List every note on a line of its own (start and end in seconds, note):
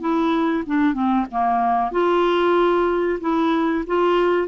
0.00 0.64 E4
0.66 0.94 D4
0.94 1.26 C4
1.31 1.91 A#3
1.91 3.19 F4
3.21 3.84 E4
3.87 4.48 F4